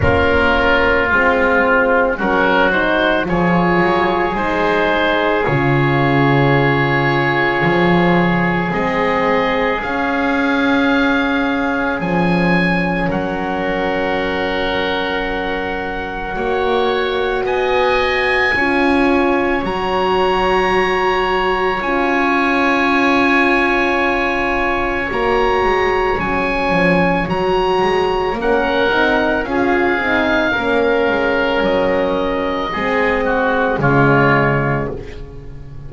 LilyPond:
<<
  \new Staff \with { instrumentName = "oboe" } { \time 4/4 \tempo 4 = 55 ais'4 f'4 ais'8 c''8 cis''4 | c''4 cis''2. | dis''4 f''2 gis''4 | fis''1 |
gis''2 ais''2 | gis''2. ais''4 | gis''4 ais''4 fis''4 f''4~ | f''4 dis''2 cis''4 | }
  \new Staff \with { instrumentName = "oboe" } { \time 4/4 f'2 fis'4 gis'4~ | gis'1~ | gis'1 | ais'2. cis''4 |
dis''4 cis''2.~ | cis''1~ | cis''2 ais'4 gis'4 | ais'2 gis'8 fis'8 f'4 | }
  \new Staff \with { instrumentName = "horn" } { \time 4/4 cis'4 c'4 cis'8 dis'8 f'4 | dis'4 f'2. | c'4 cis'2.~ | cis'2. fis'4~ |
fis'4 f'4 fis'2 | f'2. fis'4 | cis'4 fis'4 cis'8 dis'8 f'8 dis'8 | cis'2 c'4 gis4 | }
  \new Staff \with { instrumentName = "double bass" } { \time 4/4 ais4 gis4 fis4 f8 fis8 | gis4 cis2 f4 | gis4 cis'2 f4 | fis2. ais4 |
b4 cis'4 fis2 | cis'2. ais8 gis8 | fis8 f8 fis8 gis8 ais8 c'8 cis'8 c'8 | ais8 gis8 fis4 gis4 cis4 | }
>>